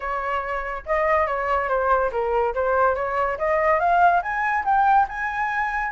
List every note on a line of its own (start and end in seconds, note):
0.00 0.83 C#5
0.86 1.26 D#5
1.26 1.68 C#5
1.68 2.10 C5
2.11 2.54 A#4
2.54 2.95 C5
2.95 3.37 C#5
3.37 3.79 D#5
3.79 4.21 F5
4.22 4.64 G#5
4.64 5.06 G5
5.08 5.92 G#5